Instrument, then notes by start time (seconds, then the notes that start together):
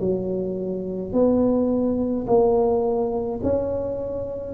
tuba
0.00 F#3
1.13 B3
2.27 A#3
3.43 C#4